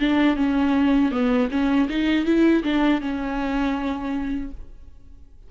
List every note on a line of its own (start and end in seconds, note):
0.00 0.36 D4
0.36 1.11 C#4
1.11 1.49 B3
1.51 1.89 C#4
1.89 2.26 D#4
2.26 2.63 E4
2.64 3.01 D4
3.01 4.51 C#4